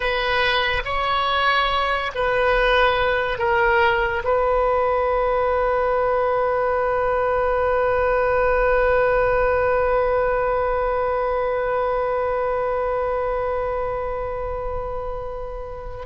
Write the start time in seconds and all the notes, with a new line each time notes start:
0.00 B4
0.85 C#5
2.14 B4
3.38 A#4
4.24 B4